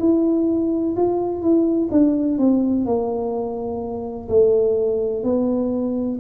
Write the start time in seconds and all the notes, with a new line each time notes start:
0.00 E4
0.96 F4
1.42 E4
1.92 D4
2.39 C4
2.86 A#3
4.29 A3
5.24 B3